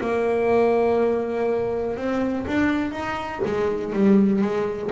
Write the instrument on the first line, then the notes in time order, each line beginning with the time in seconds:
double bass
0.00 A#3
1.96 C4
2.46 D4
2.91 D#4
3.45 G#3
3.93 G3
4.41 G#3